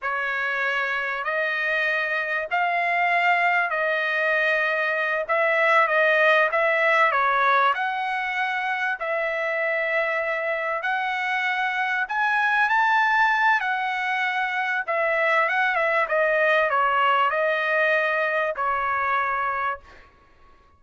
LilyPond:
\new Staff \with { instrumentName = "trumpet" } { \time 4/4 \tempo 4 = 97 cis''2 dis''2 | f''2 dis''2~ | dis''8 e''4 dis''4 e''4 cis''8~ | cis''8 fis''2 e''4.~ |
e''4. fis''2 gis''8~ | gis''8 a''4. fis''2 | e''4 fis''8 e''8 dis''4 cis''4 | dis''2 cis''2 | }